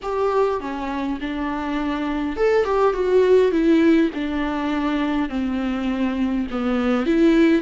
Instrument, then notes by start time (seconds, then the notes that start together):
viola
0.02 G4
0.60 C#4
1.20 D4
2.36 A4
2.64 G4
2.93 F#4
3.51 E4
4.14 D4
5.29 C4
6.50 B3
7.06 E4